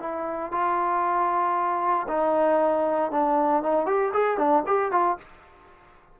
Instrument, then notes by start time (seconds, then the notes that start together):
trombone
0.00 E4
0.51 F4
2.08 D#4
3.11 D4
3.63 D#4
3.86 G4
4.13 G#4
4.37 D4
4.66 G4
4.92 F4